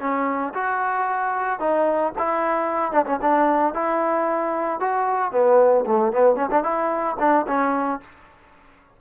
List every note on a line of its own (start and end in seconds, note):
0.00 0.53 C#4
0.54 1.60 F#4
1.60 2.13 D#4
2.19 2.92 E4
2.92 3.05 D4
3.06 3.20 C#4
3.22 3.74 D4
3.74 4.80 E4
4.80 5.32 F#4
5.32 5.85 B3
5.86 6.13 A3
6.13 6.36 B3
6.36 6.49 C#4
6.51 6.63 D4
6.63 7.17 E4
7.19 7.46 D4
7.47 8.00 C#4